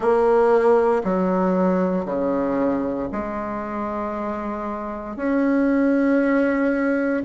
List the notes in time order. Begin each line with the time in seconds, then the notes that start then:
0.00 A#3
1.03 F#3
2.05 C#3
3.11 G#3
5.16 C#4